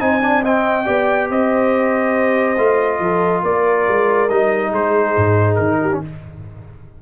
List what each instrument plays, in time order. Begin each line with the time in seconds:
0.00 tuba C4, trombone D#4, horn C5, trumpet G#5
0.21 trombone D4, horn D5
0.43 trombone C4, horn D#5, trumpet G5
0.85 tuba B3, trombone G4, horn D5
1.30 tuba C4, horn C5, trumpet D#5
2.58 tuba A3, trombone F4
3.00 tuba F3, horn A4
3.42 tuba A#3, horn A#4, trumpet D5
3.88 tuba G#3
4.29 tuba G3, trombone D#4, trumpet D#5
4.71 tuba G#3, horn G#4, trumpet C5
5.16 tuba G#2
5.55 tuba D#3, trumpet A#4
5.81 horn G4
5.92 trombone C#4